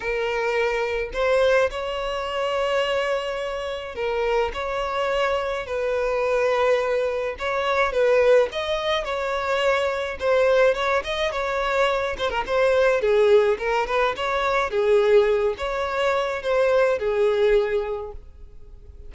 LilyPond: \new Staff \with { instrumentName = "violin" } { \time 4/4 \tempo 4 = 106 ais'2 c''4 cis''4~ | cis''2. ais'4 | cis''2 b'2~ | b'4 cis''4 b'4 dis''4 |
cis''2 c''4 cis''8 dis''8 | cis''4. c''16 ais'16 c''4 gis'4 | ais'8 b'8 cis''4 gis'4. cis''8~ | cis''4 c''4 gis'2 | }